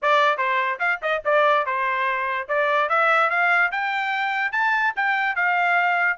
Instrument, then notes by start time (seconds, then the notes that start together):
trumpet
0.01 D5
0.37 C5
0.79 F5
1.01 D#5
1.24 D5
1.66 C5
2.48 D5
2.89 E5
3.30 F5
3.71 G5
4.52 A5
4.95 G5
5.35 F5